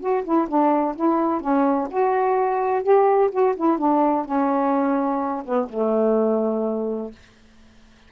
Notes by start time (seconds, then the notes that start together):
0.00 F#4
0.24 E4
0.48 D4
0.95 E4
1.40 C#4
1.90 F#4
2.83 G4
3.31 F#4
3.56 E4
3.78 D4
4.25 C#4
5.45 B3
5.69 A3